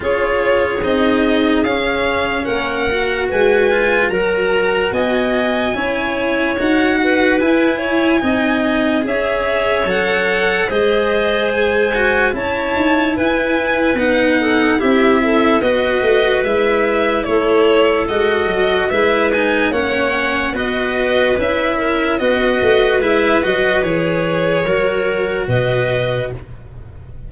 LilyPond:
<<
  \new Staff \with { instrumentName = "violin" } { \time 4/4 \tempo 4 = 73 cis''4 dis''4 f''4 fis''4 | gis''4 ais''4 gis''2 | fis''4 gis''2 e''4 | fis''4 dis''4 gis''4 a''4 |
gis''4 fis''4 e''4 dis''4 | e''4 cis''4 dis''4 e''8 gis''8 | fis''4 dis''4 e''4 dis''4 | e''8 dis''8 cis''2 dis''4 | }
  \new Staff \with { instrumentName = "clarinet" } { \time 4/4 gis'2. ais'4 | b'4 ais'4 dis''4 cis''4~ | cis''8 b'4 cis''8 dis''4 cis''4~ | cis''4 c''2 cis''4 |
b'4. a'8 g'8 a'8 b'4~ | b'4 a'2 b'4 | cis''4 b'4. ais'8 b'4~ | b'2 ais'4 b'4 | }
  \new Staff \with { instrumentName = "cello" } { \time 4/4 f'4 dis'4 cis'4. fis'8~ | fis'8 f'8 fis'2 e'4 | fis'4 e'4 dis'4 gis'4 | a'4 gis'4. fis'8 e'4~ |
e'4 dis'4 e'4 fis'4 | e'2 fis'4 e'8 dis'8 | cis'4 fis'4 e'4 fis'4 | e'8 fis'8 gis'4 fis'2 | }
  \new Staff \with { instrumentName = "tuba" } { \time 4/4 cis'4 c'4 cis'4 ais4 | gis4 fis4 b4 cis'4 | dis'4 e'4 c'4 cis'4 | fis4 gis2 cis'8 dis'8 |
e'4 b4 c'4 b8 a8 | gis4 a4 gis8 fis8 gis4 | ais4 b4 cis'4 b8 a8 | gis8 fis8 e4 fis4 b,4 | }
>>